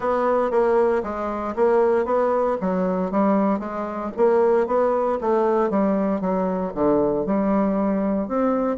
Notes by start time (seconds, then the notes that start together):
0.00 B3
0.50 A#3
1.03 G#3
1.55 A#3
2.05 B3
2.60 F#3
3.11 G3
3.59 G#3
4.17 A#3
4.66 B3
5.21 A3
5.70 G3
6.20 F#3
6.74 D3
7.26 G3
8.28 C4